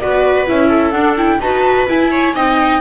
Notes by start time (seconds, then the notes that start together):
0.00 B3 F#4 B4 D5
0.46 C#4 E4 E5
0.68 A4
0.91 D4 F#5
1.17 E4 G5
1.40 D#4 F#4 B4 A5
1.88 E4 G#5
2.11 C#5
2.34 C4 D#4 D#5 G5